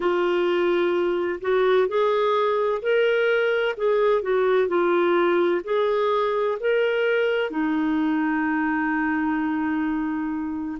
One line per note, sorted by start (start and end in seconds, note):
0.00 1.39 F4
1.41 1.87 F#4
1.87 2.81 G#4
2.81 3.75 A#4
3.77 4.22 G#4
4.22 4.67 F#4
4.67 5.61 F4
5.64 6.58 G#4
6.60 7.50 A#4
7.50 10.78 D#4